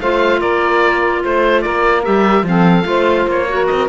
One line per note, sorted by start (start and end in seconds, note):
0.00 0.41 A3
0.00 2.03 F4
0.00 0.39 C5
0.00 0.40 F5
0.39 1.24 A#3
0.39 1.21 A#4
0.39 1.23 D5
1.23 1.65 A3
1.23 1.63 C5
1.23 1.61 C5
1.61 2.06 A#3
1.61 2.45 A#4
1.61 2.02 D5
2.03 2.43 G3
2.03 2.44 G4
2.03 2.45 E5
2.43 2.84 F3
2.43 2.83 C4
2.43 2.88 A4
2.43 3.30 F5
2.83 3.26 A3
2.83 3.45 F4
2.83 3.49 C5
3.26 3.67 A#3
3.26 3.66 C#5
3.48 3.88 F#4
3.48 3.88 A#4
3.66 3.88 C4
3.66 3.87 D#5